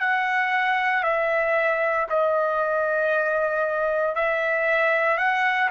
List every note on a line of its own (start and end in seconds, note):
0.00 1.03 F#5
1.03 2.07 E5
2.10 4.15 D#5
4.15 5.18 E5
5.18 5.69 F#5